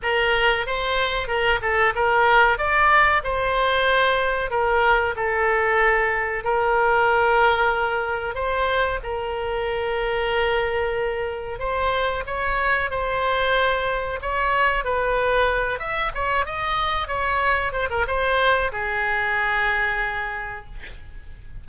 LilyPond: \new Staff \with { instrumentName = "oboe" } { \time 4/4 \tempo 4 = 93 ais'4 c''4 ais'8 a'8 ais'4 | d''4 c''2 ais'4 | a'2 ais'2~ | ais'4 c''4 ais'2~ |
ais'2 c''4 cis''4 | c''2 cis''4 b'4~ | b'8 e''8 cis''8 dis''4 cis''4 c''16 ais'16 | c''4 gis'2. | }